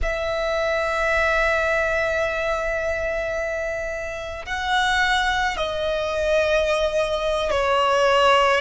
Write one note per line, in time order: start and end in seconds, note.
0.02 4.45 E5
4.45 5.56 F#5
5.57 7.51 D#5
7.51 8.60 C#5